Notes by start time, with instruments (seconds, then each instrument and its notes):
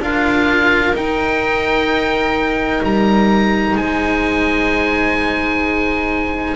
0.00 double bass D4, cello F4, viola A#4, oboe F5
0.94 double bass D#4, cello D#4, oboe G5
2.83 double bass G3, oboe A#5
3.75 double bass G#3, viola C5, oboe G#5